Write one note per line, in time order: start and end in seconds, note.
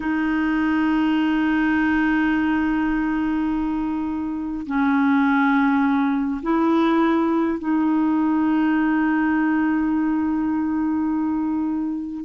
0.00 4.65 D#4
4.66 6.41 C#4
6.42 7.58 E4
7.58 12.24 D#4